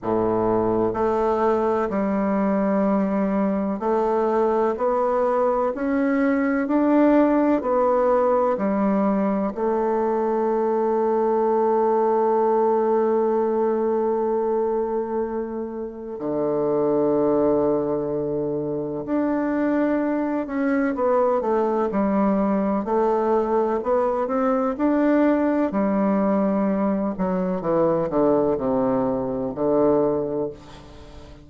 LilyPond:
\new Staff \with { instrumentName = "bassoon" } { \time 4/4 \tempo 4 = 63 a,4 a4 g2 | a4 b4 cis'4 d'4 | b4 g4 a2~ | a1~ |
a4 d2. | d'4. cis'8 b8 a8 g4 | a4 b8 c'8 d'4 g4~ | g8 fis8 e8 d8 c4 d4 | }